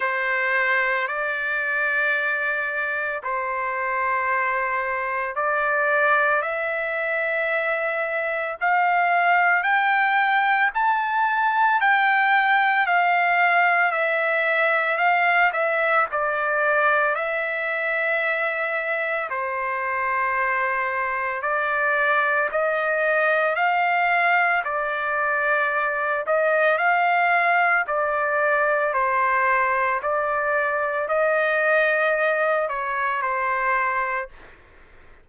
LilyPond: \new Staff \with { instrumentName = "trumpet" } { \time 4/4 \tempo 4 = 56 c''4 d''2 c''4~ | c''4 d''4 e''2 | f''4 g''4 a''4 g''4 | f''4 e''4 f''8 e''8 d''4 |
e''2 c''2 | d''4 dis''4 f''4 d''4~ | d''8 dis''8 f''4 d''4 c''4 | d''4 dis''4. cis''8 c''4 | }